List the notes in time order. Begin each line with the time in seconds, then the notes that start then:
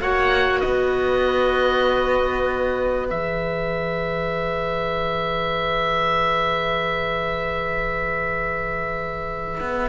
0.00 A#3 F#4 C#5 F#5
0.60 B3 B4 D#5
3.09 E3 G#4 E5
9.60 B3